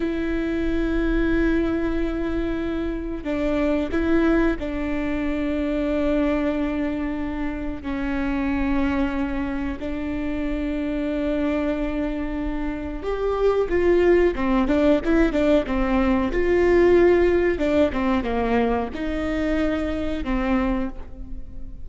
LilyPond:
\new Staff \with { instrumentName = "viola" } { \time 4/4 \tempo 4 = 92 e'1~ | e'4 d'4 e'4 d'4~ | d'1 | cis'2. d'4~ |
d'1 | g'4 f'4 c'8 d'8 e'8 d'8 | c'4 f'2 d'8 c'8 | ais4 dis'2 c'4 | }